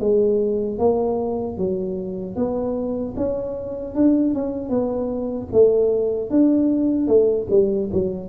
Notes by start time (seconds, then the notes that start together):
0.00 G#3
0.79 A#3
1.58 F#3
2.36 B3
3.17 C#4
3.95 D4
4.35 C#4
4.69 B3
5.53 A3
6.31 D4
7.08 A3
7.51 G3
7.93 F#3